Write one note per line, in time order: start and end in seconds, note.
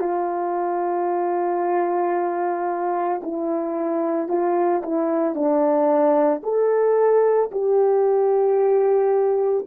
0.00 3.21 F4
3.23 4.29 E4
4.29 4.82 F4
4.83 5.35 E4
5.35 6.42 D4
6.43 7.50 A4
7.52 9.66 G4